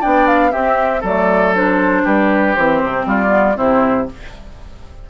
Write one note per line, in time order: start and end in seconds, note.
0.00 0.53 B3
0.00 0.51 D4
0.00 0.51 D5
0.00 0.27 G5
0.27 0.51 F5
0.51 1.01 C4
0.51 1.03 C4
0.51 1.01 G4
0.51 1.02 E5
1.01 2.05 F#3
1.01 1.55 A3
1.01 2.02 A4
1.01 1.55 D5
1.55 2.57 D4
1.55 2.05 C5
2.04 2.56 G3
2.04 3.06 G4
2.04 2.55 B4
2.55 2.82 E3
2.55 3.27 C4
2.55 3.06 C5
2.83 3.06 C3
3.06 3.57 G3
3.06 3.56 F4
3.06 3.57 D5
3.27 3.53 B3
3.55 4.10 C3
3.55 4.06 C4
3.55 4.07 E4
3.55 4.08 C5